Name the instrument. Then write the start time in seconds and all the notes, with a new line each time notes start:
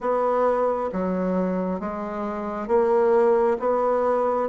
bassoon
0.00 B3
0.92 F#3
1.80 G#3
2.67 A#3
3.59 B3